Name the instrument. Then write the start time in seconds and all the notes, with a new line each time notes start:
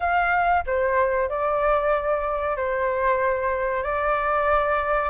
flute
0.00 F5
0.66 C5
1.29 D5
2.56 C5
3.83 D5